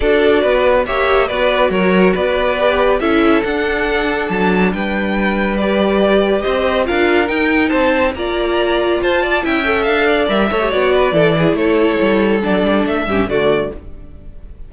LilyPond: <<
  \new Staff \with { instrumentName = "violin" } { \time 4/4 \tempo 4 = 140 d''2 e''4 d''4 | cis''4 d''2 e''4 | fis''2 a''4 g''4~ | g''4 d''2 dis''4 |
f''4 g''4 a''4 ais''4~ | ais''4 a''4 g''4 f''4 | e''4 d''2 cis''4~ | cis''4 d''4 e''4 d''4 | }
  \new Staff \with { instrumentName = "violin" } { \time 4/4 a'4 b'4 cis''4 b'4 | ais'4 b'2 a'4~ | a'2. b'4~ | b'2. c''4 |
ais'2 c''4 d''4~ | d''4 c''8 d''8 e''4. d''8~ | d''8 cis''4 b'8 a'8 gis'8 a'4~ | a'2~ a'8 g'8 fis'4 | }
  \new Staff \with { instrumentName = "viola" } { \time 4/4 fis'2 g'4 fis'4~ | fis'2 g'4 e'4 | d'1~ | d'4 g'2. |
f'4 dis'2 f'4~ | f'2 e'8 a'4. | ais'8 a'16 g'16 fis'4 e'2~ | e'4 d'4. cis'8 a4 | }
  \new Staff \with { instrumentName = "cello" } { \time 4/4 d'4 b4 ais4 b4 | fis4 b2 cis'4 | d'2 fis4 g4~ | g2. c'4 |
d'4 dis'4 c'4 ais4~ | ais4 f'4 cis'4 d'4 | g8 a8 b4 e4 a4 | g4 fis8 g8 a8 g,8 d4 | }
>>